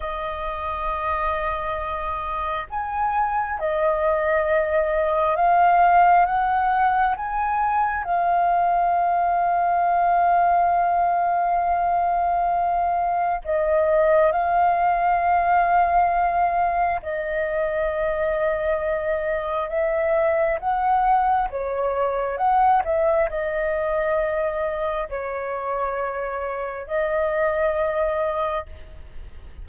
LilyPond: \new Staff \with { instrumentName = "flute" } { \time 4/4 \tempo 4 = 67 dis''2. gis''4 | dis''2 f''4 fis''4 | gis''4 f''2.~ | f''2. dis''4 |
f''2. dis''4~ | dis''2 e''4 fis''4 | cis''4 fis''8 e''8 dis''2 | cis''2 dis''2 | }